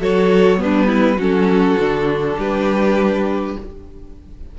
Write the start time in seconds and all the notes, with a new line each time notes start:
0.00 F#3 F#4 A4 C#5
0.57 G3 B3 D4 B4
0.87 E4
1.16 F#3 C#4 F#4 A4
1.79 D3 D4
2.37 G3 G4 B4